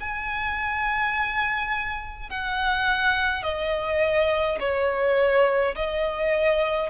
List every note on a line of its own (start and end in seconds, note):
0.00 2.30 G#5
2.30 3.43 F#5
3.43 4.58 D#5
4.60 5.75 C#5
5.75 6.90 D#5